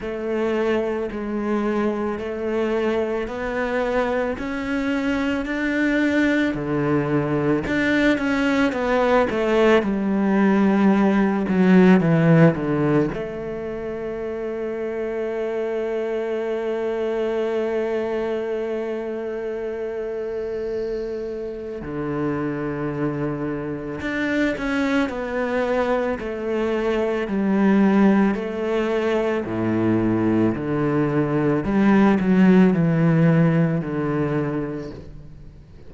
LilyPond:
\new Staff \with { instrumentName = "cello" } { \time 4/4 \tempo 4 = 55 a4 gis4 a4 b4 | cis'4 d'4 d4 d'8 cis'8 | b8 a8 g4. fis8 e8 d8 | a1~ |
a1 | d2 d'8 cis'8 b4 | a4 g4 a4 a,4 | d4 g8 fis8 e4 d4 | }